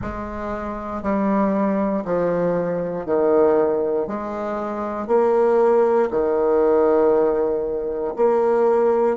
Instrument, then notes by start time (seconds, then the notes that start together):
bassoon
0.01 G#3
1.02 G3
2.04 F3
3.05 D#3
4.07 G#3
5.07 A#3
6.10 D#3
8.16 A#3